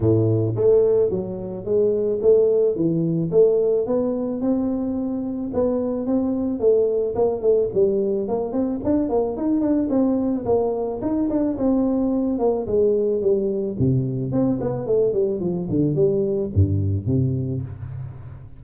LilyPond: \new Staff \with { instrumentName = "tuba" } { \time 4/4 \tempo 4 = 109 a,4 a4 fis4 gis4 | a4 e4 a4 b4 | c'2 b4 c'4 | a4 ais8 a8 g4 ais8 c'8 |
d'8 ais8 dis'8 d'8 c'4 ais4 | dis'8 d'8 c'4. ais8 gis4 | g4 c4 c'8 b8 a8 g8 | f8 d8 g4 g,4 c4 | }